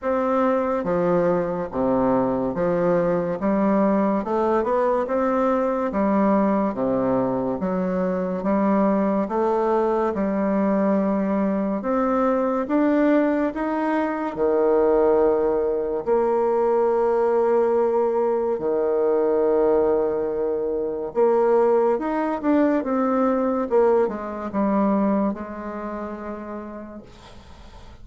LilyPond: \new Staff \with { instrumentName = "bassoon" } { \time 4/4 \tempo 4 = 71 c'4 f4 c4 f4 | g4 a8 b8 c'4 g4 | c4 fis4 g4 a4 | g2 c'4 d'4 |
dis'4 dis2 ais4~ | ais2 dis2~ | dis4 ais4 dis'8 d'8 c'4 | ais8 gis8 g4 gis2 | }